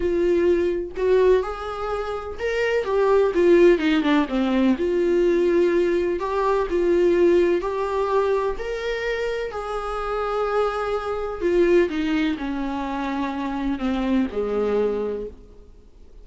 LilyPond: \new Staff \with { instrumentName = "viola" } { \time 4/4 \tempo 4 = 126 f'2 fis'4 gis'4~ | gis'4 ais'4 g'4 f'4 | dis'8 d'8 c'4 f'2~ | f'4 g'4 f'2 |
g'2 ais'2 | gis'1 | f'4 dis'4 cis'2~ | cis'4 c'4 gis2 | }